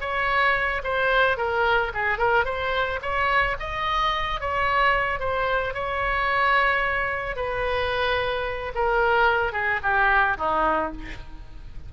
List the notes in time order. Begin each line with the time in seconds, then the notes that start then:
0.00 C#5
0.84 C5
1.37 A#4
1.94 G#4
2.18 A#4
2.45 C5
3.02 C#5
3.59 D#5
4.40 C#5
5.19 C5
5.74 C#5
7.36 B4
8.75 A#4
9.52 G#4
9.83 G4
10.37 D#4